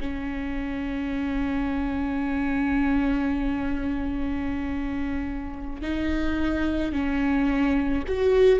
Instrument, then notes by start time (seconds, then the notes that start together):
viola
0.00 C#4
5.82 D#4
6.92 C#4
8.08 F#4